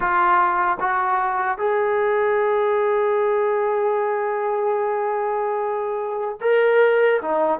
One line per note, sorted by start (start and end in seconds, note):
0.00 0.78 F4
0.80 1.58 F#4
1.58 6.38 G#4
6.40 7.20 A#4
7.21 7.59 D#4